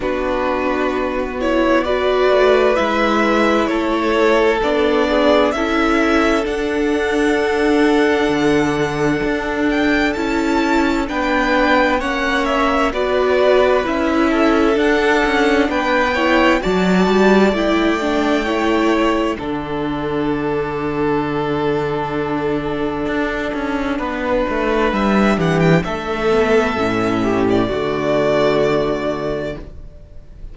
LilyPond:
<<
  \new Staff \with { instrumentName = "violin" } { \time 4/4 \tempo 4 = 65 b'4. cis''8 d''4 e''4 | cis''4 d''4 e''4 fis''4~ | fis''2~ fis''8 g''8 a''4 | g''4 fis''8 e''8 d''4 e''4 |
fis''4 g''4 a''4 g''4~ | g''4 fis''2.~ | fis''2. e''8 fis''16 g''16 | e''4.~ e''16 d''2~ d''16 | }
  \new Staff \with { instrumentName = "violin" } { \time 4/4 fis'2 b'2 | a'4. gis'8 a'2~ | a'1 | b'4 cis''4 b'4. a'8~ |
a'4 b'8 cis''8 d''2 | cis''4 a'2.~ | a'2 b'4. g'8 | a'4. g'8 fis'2 | }
  \new Staff \with { instrumentName = "viola" } { \time 4/4 d'4. e'8 fis'4 e'4~ | e'4 d'4 e'4 d'4~ | d'2. e'4 | d'4 cis'4 fis'4 e'4 |
d'4. e'8 fis'4 e'8 d'8 | e'4 d'2.~ | d'1~ | d'8 b8 cis'4 a2 | }
  \new Staff \with { instrumentName = "cello" } { \time 4/4 b2~ b8 a8 gis4 | a4 b4 cis'4 d'4~ | d'4 d4 d'4 cis'4 | b4 ais4 b4 cis'4 |
d'8 cis'8 b4 fis8 g8 a4~ | a4 d2.~ | d4 d'8 cis'8 b8 a8 g8 e8 | a4 a,4 d2 | }
>>